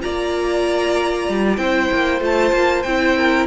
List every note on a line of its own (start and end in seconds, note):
0.00 1.29 A#3
0.00 1.57 F4
0.00 1.61 D5
0.00 1.57 A#5
1.29 1.58 G3
1.57 1.89 C4
1.57 2.21 E4
1.57 3.18 C5
1.57 2.20 G5
1.93 2.21 A#3
2.21 2.52 A3
2.21 2.84 F4
2.21 2.83 A5
2.53 2.84 A#3
2.83 3.47 C4
2.83 3.47 E4
2.83 3.46 G5
3.18 3.47 A#4